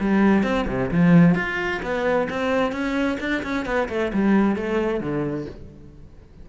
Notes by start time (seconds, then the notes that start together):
0.00 G3
0.43 C4
0.67 C3
0.91 F3
1.35 F4
1.82 B3
2.30 C4
2.72 C#4
3.20 D4
3.43 C#4
3.65 B3
3.89 A3
4.13 G3
4.56 A3
5.00 D3